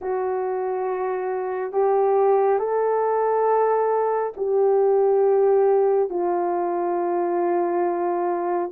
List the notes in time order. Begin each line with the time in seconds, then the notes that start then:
0.01 F#4
1.72 G4
2.59 A4
4.36 G4
6.09 F4